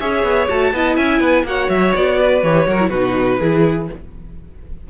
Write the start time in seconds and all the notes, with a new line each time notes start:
0.00 C#4 G#4 C#5 E5
0.23 B3
0.49 A3 F#4 A5
0.73 B3 E4 D#5
0.96 C#4 E5 G#5
1.21 B3 B4
1.44 A#3 F#4 C#5 F#5
1.69 F#3 E5
1.95 B3 D5
2.20 B4
2.43 E3 G4 C#5
2.67 F#3 F#4 A#4
2.79 E4
2.89 B2 D#4 F#4 B4
3.40 E3 E4 G#4